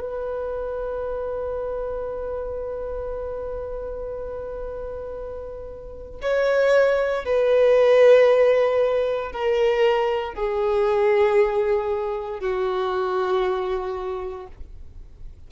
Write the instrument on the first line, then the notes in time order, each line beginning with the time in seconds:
violin
0.00 B4
6.22 C#5
7.25 B4
9.32 A#4
10.34 G#4
12.40 F#4